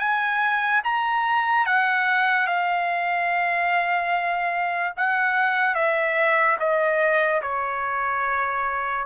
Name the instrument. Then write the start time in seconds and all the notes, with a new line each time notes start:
trumpet
0.00 G#5
0.84 A#5
1.66 F#5
2.47 F5
4.97 F#5
5.75 E5
6.60 D#5
7.42 C#5